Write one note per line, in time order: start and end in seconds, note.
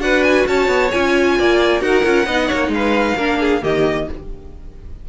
0.00 0.45 D4
0.00 0.90 F#4
0.00 0.48 B4
0.00 0.24 F#5
0.24 0.46 G#5
0.47 0.68 C#4
0.47 1.38 C#5
0.47 0.91 A5
0.68 0.90 B3
0.91 1.39 C#4
0.91 1.80 F4
0.91 1.81 G#5
1.39 1.81 A#3
1.39 1.83 D5
1.80 2.03 D#4
1.80 2.03 F#4
1.80 2.26 A#4
1.80 2.72 F#5
2.04 2.27 C#4
2.04 2.27 F4
2.26 2.50 B3
2.26 3.19 D#4
2.26 2.47 D#5
2.47 2.68 A#3
2.47 2.70 C#5
2.68 3.13 G#3
2.68 3.64 F5
2.75 3.17 B4
3.17 3.63 A#3
3.17 3.62 D4
3.17 3.40 A#4
3.40 3.63 G#4
3.62 4.08 D#3
3.62 4.07 A#3
3.62 4.08 G4
3.62 4.09 D#5